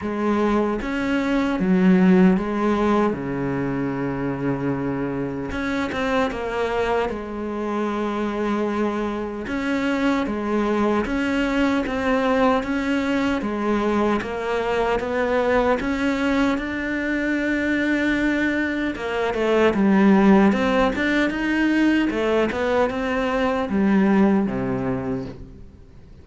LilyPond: \new Staff \with { instrumentName = "cello" } { \time 4/4 \tempo 4 = 76 gis4 cis'4 fis4 gis4 | cis2. cis'8 c'8 | ais4 gis2. | cis'4 gis4 cis'4 c'4 |
cis'4 gis4 ais4 b4 | cis'4 d'2. | ais8 a8 g4 c'8 d'8 dis'4 | a8 b8 c'4 g4 c4 | }